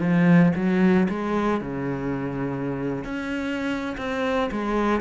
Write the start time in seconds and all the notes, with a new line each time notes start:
0.00 F3
0.56 F#3
1.10 G#3
1.61 C#3
3.05 C#4
3.98 C4
4.52 G#3